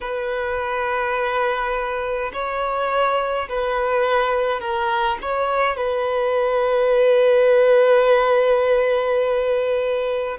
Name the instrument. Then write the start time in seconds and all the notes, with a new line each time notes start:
violin
0.01 B4
2.33 C#5
3.48 B4
4.60 A#4
5.21 C#5
5.76 B4